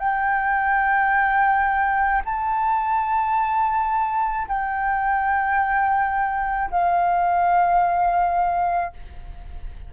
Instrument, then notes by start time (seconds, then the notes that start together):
flute
0.00 G5
2.25 A5
4.48 G5
6.71 F5